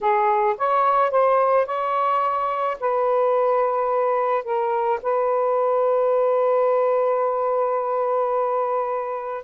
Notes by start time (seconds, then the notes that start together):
0.00 G#4
0.57 C#5
1.10 C5
1.66 C#5
2.80 B4
4.44 A#4
5.02 B4